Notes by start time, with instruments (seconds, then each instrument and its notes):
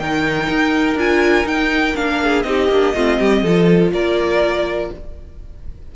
0.00 cello D#3, viola D#4, violin A#4 G5
0.50 cello D#4
0.96 cello D4, viola F4, violin G#5
1.44 viola D#4, cello D#4, violin G5
1.96 cello A#3, viola D4, violin F5
2.23 violin G#4
2.43 cello C4, viola D#4, violin G4 D#5
2.69 cello A#3, viola D4
2.95 cello A3, viola C4, violin F4
3.20 cello G3, violin G4
3.43 cello F3, viola F4, violin A4
3.92 cello A#3, violin A#4 D5